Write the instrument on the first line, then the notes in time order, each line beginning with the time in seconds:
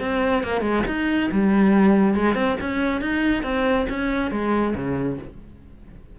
cello
0.00 C4
0.43 A#3
0.61 G#3
0.87 D#4
1.31 G3
2.15 G#3
2.35 C4
2.60 C#4
3.01 D#4
3.43 C4
3.89 C#4
4.31 G#3
4.75 C#3